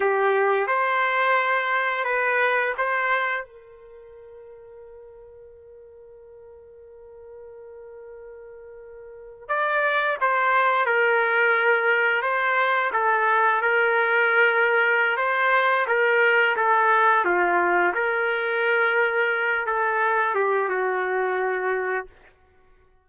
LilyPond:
\new Staff \with { instrumentName = "trumpet" } { \time 4/4 \tempo 4 = 87 g'4 c''2 b'4 | c''4 ais'2.~ | ais'1~ | ais'4.~ ais'16 d''4 c''4 ais'16~ |
ais'4.~ ais'16 c''4 a'4 ais'16~ | ais'2 c''4 ais'4 | a'4 f'4 ais'2~ | ais'8 a'4 g'8 fis'2 | }